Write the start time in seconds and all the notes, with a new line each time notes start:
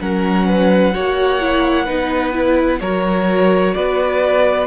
0.00 F#3 C#4 A#4 F#5
0.47 B4
0.92 A#3 F#4 C#5
1.40 E4
1.85 B3 D#4 B4
2.32 E4
2.80 F#3 F#4 A#4 C#5
3.73 B3 B4 D5